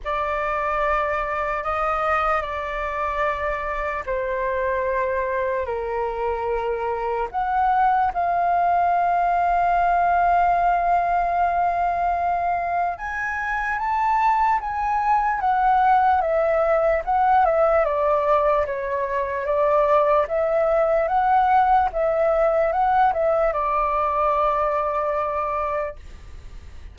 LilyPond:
\new Staff \with { instrumentName = "flute" } { \time 4/4 \tempo 4 = 74 d''2 dis''4 d''4~ | d''4 c''2 ais'4~ | ais'4 fis''4 f''2~ | f''1 |
gis''4 a''4 gis''4 fis''4 | e''4 fis''8 e''8 d''4 cis''4 | d''4 e''4 fis''4 e''4 | fis''8 e''8 d''2. | }